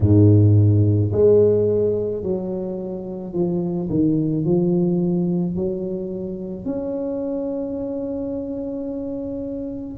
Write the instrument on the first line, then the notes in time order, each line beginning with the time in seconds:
tuba
0.00 G#2
1.12 G#3
2.22 F#3
3.33 F3
3.89 D#3
4.44 F3
5.56 F#3
6.65 C#4